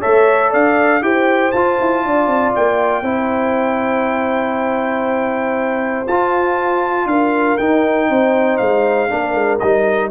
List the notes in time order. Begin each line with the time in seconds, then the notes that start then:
0.00 A3 A4 C#5 E5
0.50 D4 D5 F5
1.01 E4 G4 C5 G5
1.51 F4 A5
1.80 E4
2.04 D4 D5
2.27 C4
2.55 A#3 G5
3.02 C4 E4 C5
6.07 F4 A5
7.06 D4 A#4 F5
7.57 D#4 G5
8.09 C4 C5
8.57 G#3 F5
9.08 A#3 D4 A#4
9.34 G#3
9.59 G3 D#4 D#5